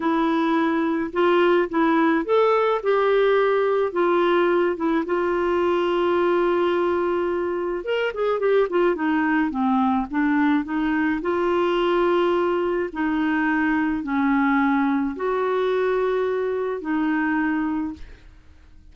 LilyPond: \new Staff \with { instrumentName = "clarinet" } { \time 4/4 \tempo 4 = 107 e'2 f'4 e'4 | a'4 g'2 f'4~ | f'8 e'8 f'2.~ | f'2 ais'8 gis'8 g'8 f'8 |
dis'4 c'4 d'4 dis'4 | f'2. dis'4~ | dis'4 cis'2 fis'4~ | fis'2 dis'2 | }